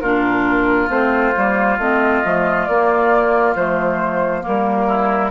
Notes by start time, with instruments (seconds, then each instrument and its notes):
0.00 bassoon A#2, clarinet D4, oboe F4, flute A#4
0.89 bassoon A3, clarinet C4, flute C5
1.35 bassoon G3, clarinet A#3
1.78 bassoon A3, clarinet C4, flute D#5
2.24 bassoon F3, clarinet A3
2.66 bassoon A#3, clarinet A#3, flute D5
3.55 bassoon F3, clarinet A3, flute C5
4.42 bassoon G3, clarinet A#3, flute A#4
4.87 oboe E4